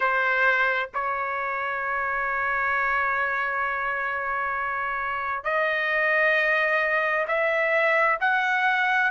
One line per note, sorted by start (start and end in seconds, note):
0.00 0.89 C5
0.94 5.44 C#5
5.44 7.26 D#5
7.27 8.18 E5
8.20 9.10 F#5